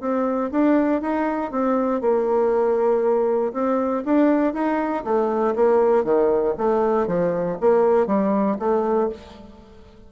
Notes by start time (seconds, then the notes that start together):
0.00 C4
0.52 D4
1.01 D#4
1.51 C4
2.01 A#3
3.53 C4
4.05 D4
4.54 D#4
5.04 A3
5.55 A#3
6.04 D#3
6.58 A3
7.07 F3
7.61 A#3
8.06 G3
8.59 A3